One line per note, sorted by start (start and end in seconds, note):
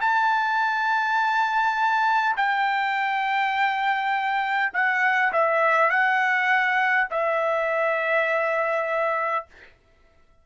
0.00 2.35 A5
2.36 4.72 G5
4.73 5.32 F#5
5.32 5.90 E5
5.90 7.07 F#5
7.10 9.45 E5